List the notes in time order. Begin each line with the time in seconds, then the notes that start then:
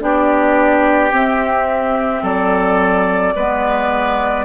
0.00 B3 D4 G4 D5
1.11 C4 E5
2.22 F#3 A4 D5
3.35 G#3 B3 B4